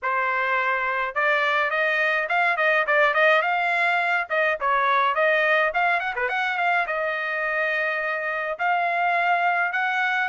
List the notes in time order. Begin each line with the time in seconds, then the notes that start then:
0.02 C5
1.14 D5
1.70 D#5
2.29 F5
2.57 D#5
2.86 D5
3.14 D#5
3.42 F5
4.29 D#5
4.60 C#5
5.15 D#5
5.74 F5
5.99 F#5
6.15 B4
6.29 F#5
6.57 F5
6.86 D#5
8.58 F5
9.72 F#5